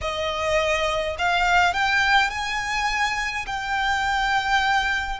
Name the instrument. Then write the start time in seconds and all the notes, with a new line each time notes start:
violin
0.01 D#5
1.18 F5
1.73 G5
2.30 G#5
3.46 G5